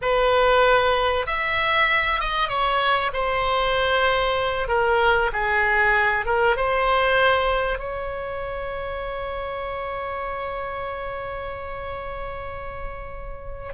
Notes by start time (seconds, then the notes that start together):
0.01 B4
1.26 E5
2.20 D#5
2.48 C#5
3.13 C5
4.68 A#4
5.32 G#4
6.25 A#4
6.56 C5
7.78 C#5